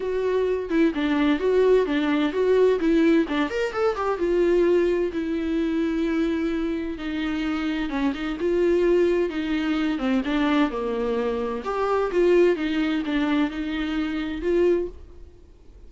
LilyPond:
\new Staff \with { instrumentName = "viola" } { \time 4/4 \tempo 4 = 129 fis'4. e'8 d'4 fis'4 | d'4 fis'4 e'4 d'8 ais'8 | a'8 g'8 f'2 e'4~ | e'2. dis'4~ |
dis'4 cis'8 dis'8 f'2 | dis'4. c'8 d'4 ais4~ | ais4 g'4 f'4 dis'4 | d'4 dis'2 f'4 | }